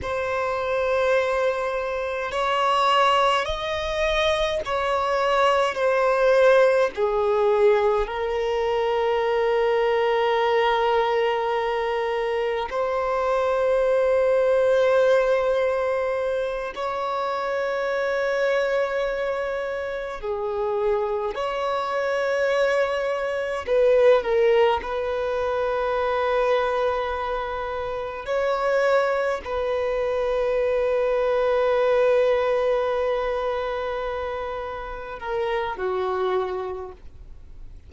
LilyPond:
\new Staff \with { instrumentName = "violin" } { \time 4/4 \tempo 4 = 52 c''2 cis''4 dis''4 | cis''4 c''4 gis'4 ais'4~ | ais'2. c''4~ | c''2~ c''8 cis''4.~ |
cis''4. gis'4 cis''4.~ | cis''8 b'8 ais'8 b'2~ b'8~ | b'8 cis''4 b'2~ b'8~ | b'2~ b'8 ais'8 fis'4 | }